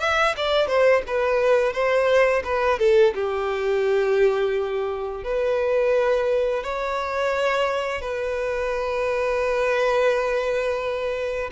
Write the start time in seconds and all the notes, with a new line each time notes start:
0.00 E5
0.36 D5
0.67 C5
1.07 B4
1.73 C5
2.44 B4
2.79 A4
3.15 G4
5.24 B4
6.63 C#5
8.01 B4